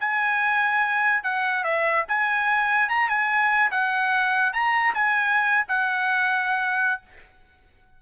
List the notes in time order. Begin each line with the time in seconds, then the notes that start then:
0.00 G#5
1.23 F#5
1.64 E5
2.08 G#5
2.89 A#5
3.09 G#5
3.71 F#5
4.53 A#5
4.94 G#5
5.68 F#5